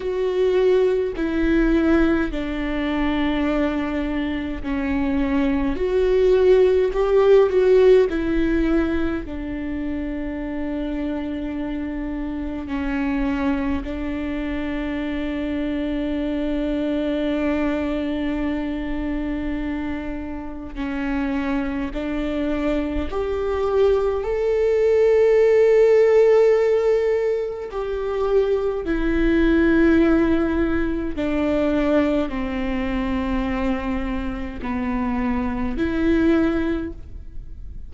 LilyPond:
\new Staff \with { instrumentName = "viola" } { \time 4/4 \tempo 4 = 52 fis'4 e'4 d'2 | cis'4 fis'4 g'8 fis'8 e'4 | d'2. cis'4 | d'1~ |
d'2 cis'4 d'4 | g'4 a'2. | g'4 e'2 d'4 | c'2 b4 e'4 | }